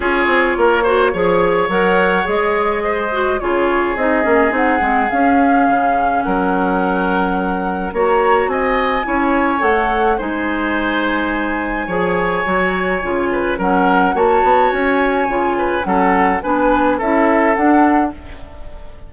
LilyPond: <<
  \new Staff \with { instrumentName = "flute" } { \time 4/4 \tempo 4 = 106 cis''2. fis''4 | dis''2 cis''4 dis''4 | fis''4 f''2 fis''4~ | fis''2 ais''4 gis''4~ |
gis''4 fis''4 gis''2~ | gis''1 | fis''4 a''4 gis''2 | fis''4 gis''4 e''4 fis''4 | }
  \new Staff \with { instrumentName = "oboe" } { \time 4/4 gis'4 ais'8 c''8 cis''2~ | cis''4 c''4 gis'2~ | gis'2. ais'4~ | ais'2 cis''4 dis''4 |
cis''2 c''2~ | c''4 cis''2~ cis''8 b'8 | ais'4 cis''2~ cis''8 b'8 | a'4 b'4 a'2 | }
  \new Staff \with { instrumentName = "clarinet" } { \time 4/4 f'4. fis'8 gis'4 ais'4 | gis'4. fis'8 f'4 dis'8 cis'8 | dis'8 c'8 cis'2.~ | cis'2 fis'2 |
e'4 a'4 dis'2~ | dis'4 gis'4 fis'4 f'4 | cis'4 fis'2 f'4 | cis'4 d'4 e'4 d'4 | }
  \new Staff \with { instrumentName = "bassoon" } { \time 4/4 cis'8 c'8 ais4 f4 fis4 | gis2 cis4 c'8 ais8 | c'8 gis8 cis'4 cis4 fis4~ | fis2 ais4 c'4 |
cis'4 a4 gis2~ | gis4 f4 fis4 cis4 | fis4 ais8 b8 cis'4 cis4 | fis4 b4 cis'4 d'4 | }
>>